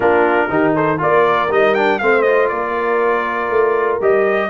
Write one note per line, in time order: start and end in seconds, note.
0.00 0.49 A#3
0.00 0.49 D4
0.00 0.48 F4
0.00 0.73 A#4
0.49 0.99 D#3
0.49 0.97 D#4
0.49 0.75 G4
0.75 1.00 A4
0.75 1.00 C5
0.97 1.51 A#3
0.97 1.48 F4
0.97 2.01 A#4
0.97 1.52 D5
1.50 2.01 G3
1.50 1.75 D#4
1.50 1.74 D#5
1.74 2.00 D4
1.74 1.99 G5
1.99 2.51 A3
1.99 2.26 C4
1.99 2.51 C5
1.99 2.22 F5
2.22 4.01 F4
2.22 2.47 D#5
2.48 3.50 A#3
2.48 4.50 A#4
2.48 3.98 D5
3.50 4.00 A3
4.00 4.50 G3
4.00 4.50 G4
4.00 4.50 D#5